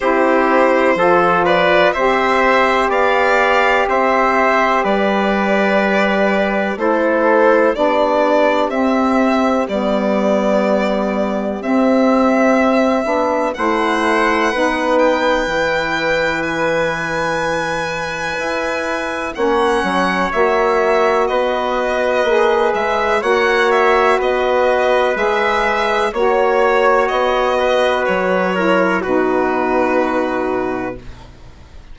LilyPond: <<
  \new Staff \with { instrumentName = "violin" } { \time 4/4 \tempo 4 = 62 c''4. d''8 e''4 f''4 | e''4 d''2 c''4 | d''4 e''4 d''2 | e''2 fis''4. g''8~ |
g''4 gis''2. | fis''4 e''4 dis''4. e''8 | fis''8 e''8 dis''4 e''4 cis''4 | dis''4 cis''4 b'2 | }
  \new Staff \with { instrumentName = "trumpet" } { \time 4/4 g'4 a'8 b'8 c''4 d''4 | c''4 b'2 a'4 | g'1~ | g'2 c''4 b'4~ |
b'1 | cis''2 b'2 | cis''4 b'2 cis''4~ | cis''8 b'4 ais'8 fis'2 | }
  \new Staff \with { instrumentName = "saxophone" } { \time 4/4 e'4 f'4 g'2~ | g'2. e'4 | d'4 c'4 b2 | c'4. d'8 e'4 dis'4 |
e'1 | cis'4 fis'2 gis'4 | fis'2 gis'4 fis'4~ | fis'4. e'8 dis'2 | }
  \new Staff \with { instrumentName = "bassoon" } { \time 4/4 c'4 f4 c'4 b4 | c'4 g2 a4 | b4 c'4 g2 | c'4. b8 a4 b4 |
e2. e'4 | ais8 fis8 ais4 b4 ais8 gis8 | ais4 b4 gis4 ais4 | b4 fis4 b,2 | }
>>